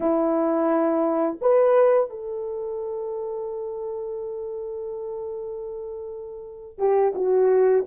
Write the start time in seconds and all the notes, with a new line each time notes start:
0.00 E4
1.41 B4
2.10 A4
6.78 G4
7.14 F#4